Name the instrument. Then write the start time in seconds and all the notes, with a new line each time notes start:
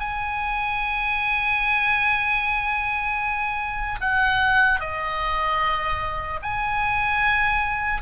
oboe
0.00 G#5
4.01 F#5
4.80 D#5
6.43 G#5